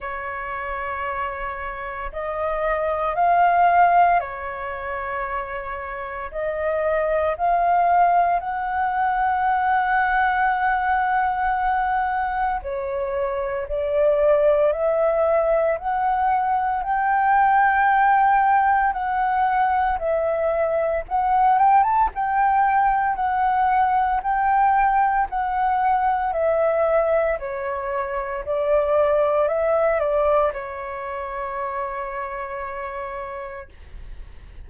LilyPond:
\new Staff \with { instrumentName = "flute" } { \time 4/4 \tempo 4 = 57 cis''2 dis''4 f''4 | cis''2 dis''4 f''4 | fis''1 | cis''4 d''4 e''4 fis''4 |
g''2 fis''4 e''4 | fis''8 g''16 a''16 g''4 fis''4 g''4 | fis''4 e''4 cis''4 d''4 | e''8 d''8 cis''2. | }